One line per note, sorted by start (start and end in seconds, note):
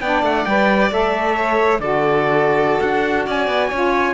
0.00 0.22 B3
0.00 0.47 D4
0.00 1.36 D5
0.00 0.23 G5
0.22 0.45 A3
0.22 0.45 F#5
0.45 0.91 G3
0.45 0.90 B4
0.45 0.90 G5
0.90 1.79 A3
0.90 1.80 A4
0.90 1.80 E5
1.36 1.81 C#5
1.79 2.79 D3
1.79 3.71 F#4
1.79 3.26 A4
1.79 2.80 D5
2.80 3.27 D4
2.80 3.25 F#5
3.26 3.47 C#4
3.26 3.69 D5
3.26 4.13 G#5
3.47 3.70 B3
3.69 4.13 C#4
3.69 4.13 F4
3.69 4.13 C#5